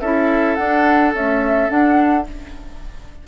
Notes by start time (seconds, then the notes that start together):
0.00 C#4 E4 A4 E5
0.55 D4 F#5
1.14 A3 C#4 E5
1.68 D4 F#5